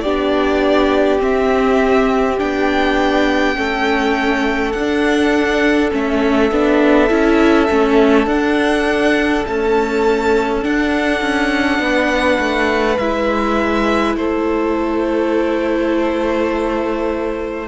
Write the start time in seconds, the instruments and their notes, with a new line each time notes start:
0.00 cello B3, viola D4, violin G4 D5
1.19 viola C4, cello C4, violin E5
2.38 cello B3, viola D4, violin G5
3.55 cello A3, viola C#4, violin A4
4.72 cello D4, violin F#5
4.79 viola D4
5.91 cello A3, viola C#4, violin E5
6.51 cello B3, viola D4
7.09 cello C#4, viola E4
7.69 cello A3, viola C#4
8.26 viola D4, cello D4, violin F#5
9.46 viola A3, cello C#4, violin A5
10.62 viola D4, cello D4, violin F#5
11.21 cello C#4
11.79 cello B3, violin B4
12.39 cello A3
12.98 cello G#3, viola E4, violin E5
14.15 cello A3, violin A4 C5